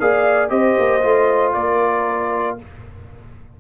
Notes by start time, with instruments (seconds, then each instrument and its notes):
0.00 tuba A#3, trombone G#4, horn D5, trumpet F5
0.50 tuba C4, trombone G4, horn C5, trumpet D#5
0.79 tuba A#3
1.02 tuba A3, trombone F4
1.54 tuba A#3, horn A#4, trumpet D5